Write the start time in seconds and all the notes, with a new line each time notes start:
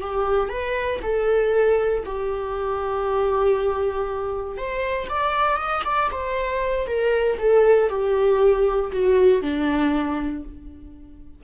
0.00 G4
0.49 B4
1.02 A4
2.05 G4
4.57 C5
5.09 D5
5.57 D#5
5.84 D5
6.11 C5
6.87 A#4
7.38 A4
7.89 G4
8.92 F#4
9.41 D4